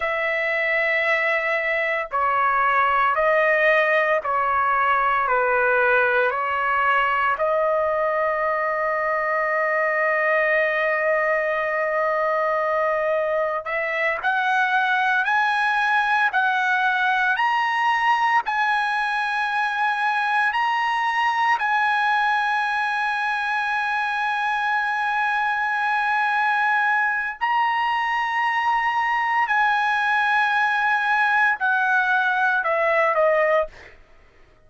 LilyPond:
\new Staff \with { instrumentName = "trumpet" } { \time 4/4 \tempo 4 = 57 e''2 cis''4 dis''4 | cis''4 b'4 cis''4 dis''4~ | dis''1~ | dis''4 e''8 fis''4 gis''4 fis''8~ |
fis''8 ais''4 gis''2 ais''8~ | ais''8 gis''2.~ gis''8~ | gis''2 ais''2 | gis''2 fis''4 e''8 dis''8 | }